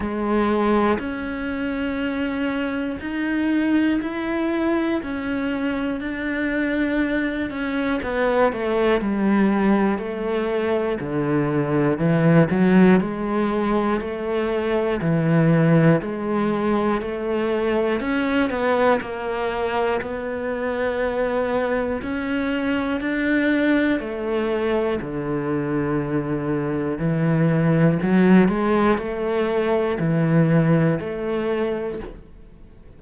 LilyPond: \new Staff \with { instrumentName = "cello" } { \time 4/4 \tempo 4 = 60 gis4 cis'2 dis'4 | e'4 cis'4 d'4. cis'8 | b8 a8 g4 a4 d4 | e8 fis8 gis4 a4 e4 |
gis4 a4 cis'8 b8 ais4 | b2 cis'4 d'4 | a4 d2 e4 | fis8 gis8 a4 e4 a4 | }